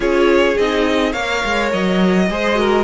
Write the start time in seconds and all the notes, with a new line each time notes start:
0.00 C#4 F4 G#4 C#5
0.57 C4 D#4 D#5
1.11 A#3 A#4 C#5 F5
1.44 G#3
1.72 F#3 D#5
2.29 G#3 G#4 C5
2.55 F#4 A#4